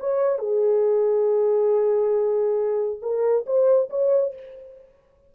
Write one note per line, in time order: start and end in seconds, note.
0.00 0.39 C#5
0.39 3.00 G#4
3.02 3.45 A#4
3.46 3.90 C5
3.90 4.34 C#5